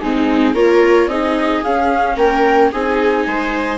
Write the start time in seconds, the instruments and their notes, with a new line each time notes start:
0.00 bassoon G#3, viola C4 D#4, flute G#4
0.54 bassoon A#3, viola F4 A#4, flute C#5
1.07 bassoon C4, viola D#4 G#4, flute D#5
1.63 viola C#4, bassoon C#4, flute F5
2.17 bassoon A#3, viola A#4, flute G5
2.72 bassoon C4, viola D#4 G#4, flute G#5
3.27 bassoon G#3, viola C5